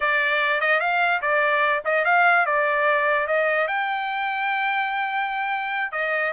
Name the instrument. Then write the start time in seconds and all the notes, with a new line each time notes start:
trumpet
0.00 D5
0.60 D#5
0.80 F5
1.21 D5
1.84 D#5
2.05 F5
2.46 D5
3.27 D#5
3.67 G5
5.92 D#5